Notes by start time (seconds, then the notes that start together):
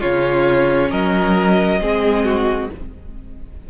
0.00 C#3 C#4 F4 C#5
0.90 F#3 A#4 D#5
1.80 G#3 C4 G#4
2.25 F#4